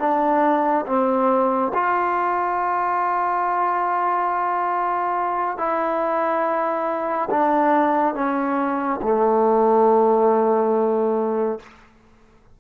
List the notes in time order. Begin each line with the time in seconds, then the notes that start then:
0.00 D4
0.87 C4
1.74 F4
5.58 E4
7.31 D4
8.15 C#4
9.03 A3